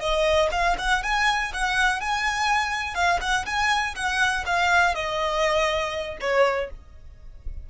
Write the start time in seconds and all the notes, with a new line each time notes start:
0.00 D#5
0.52 F5
0.78 F#5
1.03 G#5
1.53 F#5
2.01 G#5
2.95 F5
3.21 F#5
3.46 G#5
3.95 F#5
4.46 F5
4.95 D#5
6.21 C#5